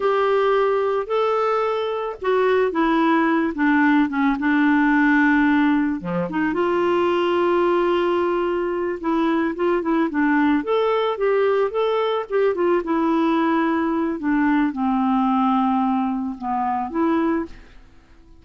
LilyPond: \new Staff \with { instrumentName = "clarinet" } { \time 4/4 \tempo 4 = 110 g'2 a'2 | fis'4 e'4. d'4 cis'8 | d'2. f8 dis'8 | f'1~ |
f'8 e'4 f'8 e'8 d'4 a'8~ | a'8 g'4 a'4 g'8 f'8 e'8~ | e'2 d'4 c'4~ | c'2 b4 e'4 | }